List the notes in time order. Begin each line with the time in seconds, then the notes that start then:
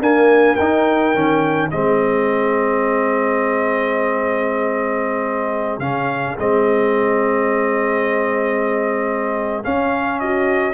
0.00 A#3 D4 A#4 G#5
0.56 D#4 G5
1.15 D#3 C#4
1.71 G#3 C4 G#4 D#5
5.79 C#3 C#4 F5
6.38 G#3 C4 D#5
9.63 C#4 F5
10.20 F#4 D#5